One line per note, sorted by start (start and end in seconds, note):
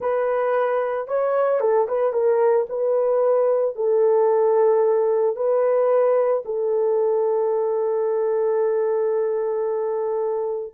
0.00 1.07 B4
1.07 1.60 C#5
1.60 1.87 A4
1.87 2.12 B4
2.12 2.66 A#4
2.69 3.75 B4
3.75 5.36 A4
5.36 6.43 B4
6.45 10.73 A4